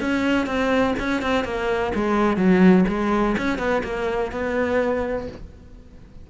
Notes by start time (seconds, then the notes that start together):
0.00 C#4
0.46 C4
0.99 C#4
1.22 C4
1.44 A#3
1.95 G#3
2.37 F#3
2.88 G#3
3.37 C#4
3.58 B3
3.83 A#3
4.31 B3